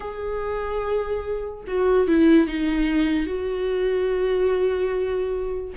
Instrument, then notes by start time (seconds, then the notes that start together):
viola
0.00 G#4
1.67 F#4
2.07 E4
2.47 D#4
3.26 F#4